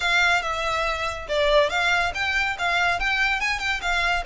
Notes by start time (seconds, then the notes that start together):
0.00 F5
0.42 E5
1.28 D5
1.69 F5
2.14 G5
2.58 F5
2.99 G5
3.40 G#5
3.59 G5
3.81 F5